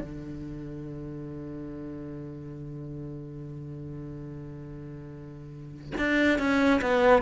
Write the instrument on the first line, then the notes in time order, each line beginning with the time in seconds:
cello
0.00 D3
5.98 D4
6.38 C#4
6.81 B3